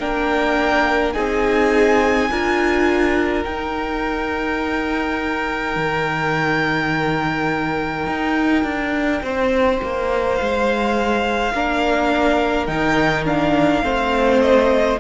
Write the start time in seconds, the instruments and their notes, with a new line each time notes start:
0.00 cello A#3, viola D4, violin A#4 G5
1.13 cello C4, viola D#4, violin G#4 G#5
2.30 cello D4, viola F4, violin A#4
3.44 viola D#4, cello D#4, violin G5
5.76 cello D#3
8.07 cello D#4
8.64 cello D4
9.23 cello C4, violin C5
9.82 cello A#3
10.36 cello G#3, violin F5
11.53 cello A#3, viola D4, violin A#4
12.66 cello D#3, viola D#4, violin G5
13.26 viola D4, violin F5
13.83 cello A3, viola C4, violin C5
14.41 violin D#5